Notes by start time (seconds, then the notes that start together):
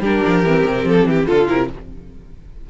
0.00 G3 D4 G4 A#4
0.26 F3
0.43 E3 C4
0.66 C3
0.85 F3 A4
1.06 E3 G4
1.27 D3 F4 A4
1.48 C3 E4 A#4